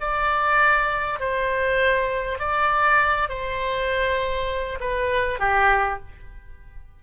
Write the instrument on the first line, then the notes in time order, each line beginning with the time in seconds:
oboe
0.00 D5
1.20 C5
2.39 D5
3.29 C5
4.80 B4
5.39 G4